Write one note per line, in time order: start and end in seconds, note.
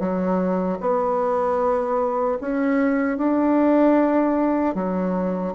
0.00 0.79 F#3
0.81 2.39 B3
2.41 3.18 C#4
3.18 4.75 D4
4.75 5.54 F#3